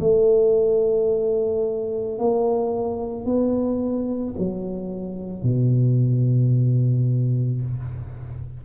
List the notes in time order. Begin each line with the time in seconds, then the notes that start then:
0.00 A3
2.18 A#3
3.25 B3
4.38 F#3
5.42 B2